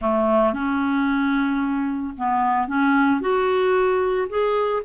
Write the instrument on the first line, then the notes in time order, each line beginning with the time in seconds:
clarinet
0.01 A3
0.53 C#4
2.17 B3
2.67 C#4
3.20 F#4
4.29 G#4